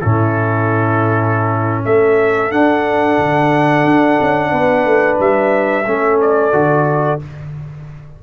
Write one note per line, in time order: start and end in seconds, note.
0.00 1.85 A2
0.00 2.50 C#4
0.00 1.84 E4
0.00 1.83 A4
1.85 2.51 A3
1.85 4.51 A4
1.85 2.51 E5
2.50 5.84 D4
2.50 3.18 D4
2.50 5.18 F#5
3.18 3.84 D3
3.84 4.17 D4
4.20 4.51 C#4
4.51 4.85 B3
4.51 5.84 B4
4.85 5.18 A3
5.19 5.86 G3
5.19 6.20 E5
5.86 6.52 A3
5.86 6.52 C#4
5.86 7.22 A4
6.20 7.20 D5
6.52 7.19 D3
6.52 7.19 F#4